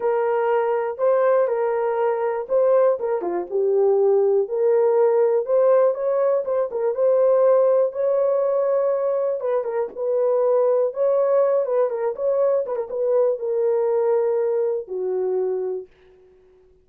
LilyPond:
\new Staff \with { instrumentName = "horn" } { \time 4/4 \tempo 4 = 121 ais'2 c''4 ais'4~ | ais'4 c''4 ais'8 f'8 g'4~ | g'4 ais'2 c''4 | cis''4 c''8 ais'8 c''2 |
cis''2. b'8 ais'8 | b'2 cis''4. b'8 | ais'8 cis''4 b'16 ais'16 b'4 ais'4~ | ais'2 fis'2 | }